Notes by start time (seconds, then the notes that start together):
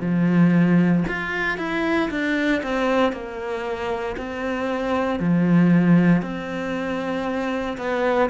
0.00 F3
1.08 F4
1.58 E4
2.10 D4
2.63 C4
3.12 A#3
4.17 C4
5.20 F3
6.22 C4
7.78 B3